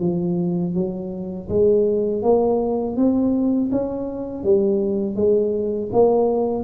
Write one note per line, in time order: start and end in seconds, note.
0.00 0.74 F3
0.74 1.48 F#3
1.49 2.22 G#3
2.22 2.96 A#3
2.96 3.70 C4
3.71 4.43 C#4
4.43 5.15 G3
5.15 5.89 G#3
5.92 6.63 A#3